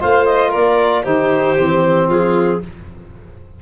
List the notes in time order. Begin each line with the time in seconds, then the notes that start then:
0.00 A3 F4 C5 F5
0.26 D#5
0.50 A#3 A#4 D5
1.04 D#3 D#4 G4 C5
1.57 E3 C4
2.08 F3 F4 G#4